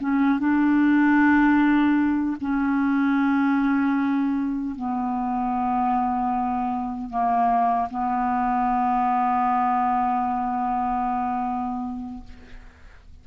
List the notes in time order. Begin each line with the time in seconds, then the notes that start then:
0.00 C#4
0.39 D4
2.41 C#4
4.75 B3
7.10 A#3
7.90 B3